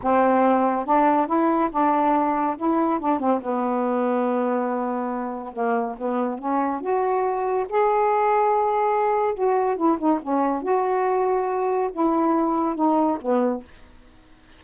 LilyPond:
\new Staff \with { instrumentName = "saxophone" } { \time 4/4 \tempo 4 = 141 c'2 d'4 e'4 | d'2 e'4 d'8 c'8 | b1~ | b4 ais4 b4 cis'4 |
fis'2 gis'2~ | gis'2 fis'4 e'8 dis'8 | cis'4 fis'2. | e'2 dis'4 b4 | }